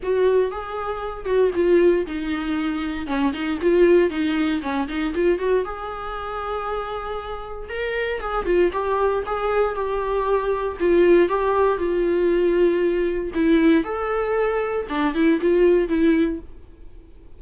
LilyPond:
\new Staff \with { instrumentName = "viola" } { \time 4/4 \tempo 4 = 117 fis'4 gis'4. fis'8 f'4 | dis'2 cis'8 dis'8 f'4 | dis'4 cis'8 dis'8 f'8 fis'8 gis'4~ | gis'2. ais'4 |
gis'8 f'8 g'4 gis'4 g'4~ | g'4 f'4 g'4 f'4~ | f'2 e'4 a'4~ | a'4 d'8 e'8 f'4 e'4 | }